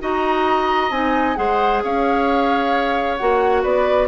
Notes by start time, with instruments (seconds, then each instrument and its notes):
0.00 bassoon D#4, clarinet F#4, oboe D#5, flute A#5
0.90 bassoon C4, clarinet D#4, flute G#5
1.36 bassoon G#3, clarinet G#4, oboe C5, flute F#5
1.84 bassoon C#4, oboe C#5, flute F5
3.17 bassoon A#3, clarinet F#4, flute F#5
3.63 bassoon B3, oboe B4, flute D5